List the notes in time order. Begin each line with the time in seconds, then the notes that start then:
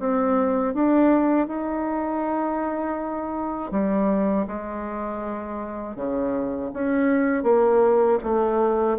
0.00 C4
0.74 D4
1.48 D#4
3.72 G3
4.48 G#3
5.96 C#3
6.74 C#4
7.44 A#3
8.23 A3